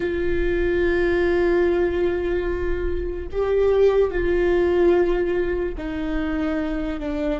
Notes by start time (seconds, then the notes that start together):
0.00 F4
3.31 G4
4.10 F4
5.77 D#4
6.99 D4